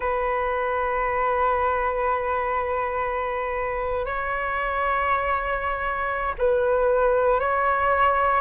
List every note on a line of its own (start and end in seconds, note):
0.00 4.05 B4
4.05 6.34 C#5
6.38 7.40 B4
7.40 8.40 C#5